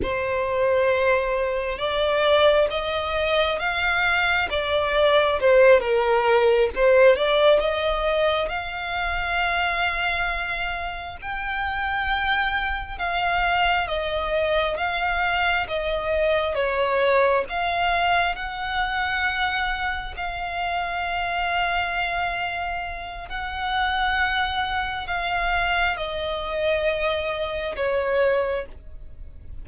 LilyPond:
\new Staff \with { instrumentName = "violin" } { \time 4/4 \tempo 4 = 67 c''2 d''4 dis''4 | f''4 d''4 c''8 ais'4 c''8 | d''8 dis''4 f''2~ f''8~ | f''8 g''2 f''4 dis''8~ |
dis''8 f''4 dis''4 cis''4 f''8~ | f''8 fis''2 f''4.~ | f''2 fis''2 | f''4 dis''2 cis''4 | }